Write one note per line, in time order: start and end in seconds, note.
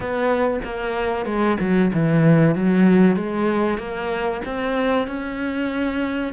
0.00 0.59 B3
0.64 1.25 A#3
1.25 1.57 G#3
1.60 1.91 F#3
1.93 2.55 E3
2.55 3.16 F#3
3.16 3.78 G#3
3.78 4.41 A#3
4.45 5.07 C4
5.07 6.33 C#4